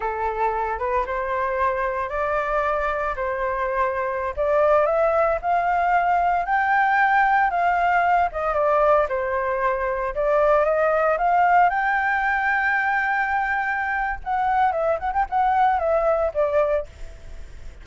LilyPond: \new Staff \with { instrumentName = "flute" } { \time 4/4 \tempo 4 = 114 a'4. b'8 c''2 | d''2 c''2~ | c''16 d''4 e''4 f''4.~ f''16~ | f''16 g''2 f''4. dis''16~ |
dis''16 d''4 c''2 d''8.~ | d''16 dis''4 f''4 g''4.~ g''16~ | g''2. fis''4 | e''8 fis''16 g''16 fis''4 e''4 d''4 | }